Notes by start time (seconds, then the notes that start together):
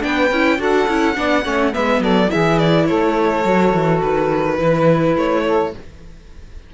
0.00 B3 D4 B4 G5
0.31 C#4 E4
0.59 D4 F#4 A4 F#5
0.88 C#4 E4
1.15 B3 D4 D5
1.43 A3 C#4 C#5
1.73 G#3 B3 B4 E5
2.00 F#3 A4 D5
2.28 E4 G#4 E5
2.35 E3
2.59 D5
2.86 A3 A4 C#5
3.45 F#3 F#4
3.74 E3
4.02 D#3 B4
4.58 E3 E4 B4
5.16 A3 C#5
5.46 A4